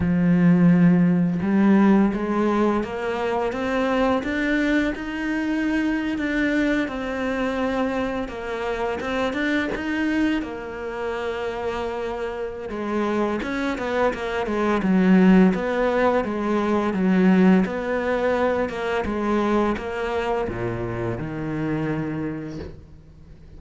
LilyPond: \new Staff \with { instrumentName = "cello" } { \time 4/4 \tempo 4 = 85 f2 g4 gis4 | ais4 c'4 d'4 dis'4~ | dis'8. d'4 c'2 ais16~ | ais8. c'8 d'8 dis'4 ais4~ ais16~ |
ais2 gis4 cis'8 b8 | ais8 gis8 fis4 b4 gis4 | fis4 b4. ais8 gis4 | ais4 ais,4 dis2 | }